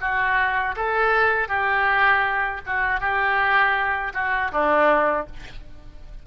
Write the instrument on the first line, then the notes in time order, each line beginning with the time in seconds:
oboe
0.00 F#4
0.76 A4
1.48 G4
2.66 F#4
3.00 G4
4.14 F#4
4.51 D4